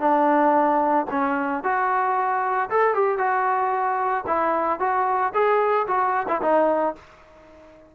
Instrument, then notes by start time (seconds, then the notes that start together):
trombone
0.00 D4
1.11 C#4
1.64 F#4
2.71 A4
2.95 G4
3.18 F#4
4.27 E4
4.80 F#4
5.34 G#4
5.87 F#4
6.28 E4
6.42 D#4